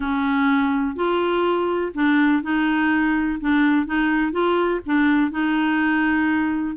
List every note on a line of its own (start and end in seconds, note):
0.00 0.95 C#4
0.95 1.92 F4
1.94 2.42 D4
2.43 3.39 D#4
3.40 3.86 D4
3.86 4.32 D#4
4.32 4.80 F4
4.86 5.31 D4
5.31 6.76 D#4